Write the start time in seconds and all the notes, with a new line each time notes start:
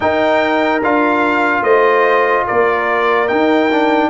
0.00 D#4 A#4 G5
0.83 D4 F4 F5
1.61 A3 C5 D#5
2.46 A#3 A#4 D5
3.28 D#4 G5
3.71 D4